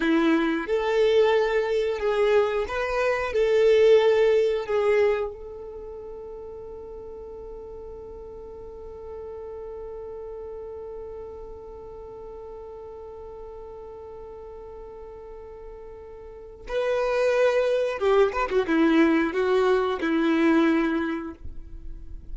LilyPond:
\new Staff \with { instrumentName = "violin" } { \time 4/4 \tempo 4 = 90 e'4 a'2 gis'4 | b'4 a'2 gis'4 | a'1~ | a'1~ |
a'1~ | a'1~ | a'4 b'2 g'8 b'16 fis'16 | e'4 fis'4 e'2 | }